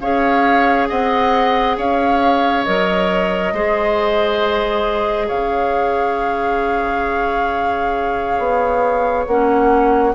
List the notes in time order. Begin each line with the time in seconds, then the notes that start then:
0.00 C#4 G#4 C#5 F5
0.89 C4 D#5 F#5
1.77 C#4 C#5 F5
2.65 F#3 A#4 D#5
3.53 G#3 G#4 C5
5.27 C#3 C#5 F5
8.38 B3
9.26 A#3 C#4 F#5